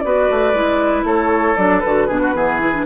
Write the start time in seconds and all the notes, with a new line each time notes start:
0.00 B3 F#4 B4 D5
0.30 A3
0.54 G#3 E4
1.04 A3 A4 C#5
1.57 F#3 D4 D5
1.80 D3 B4
1.86 F#4
2.07 B2 D4 G#4
2.22 F#4
2.35 E3 B3 G#4
2.60 E4
2.74 D4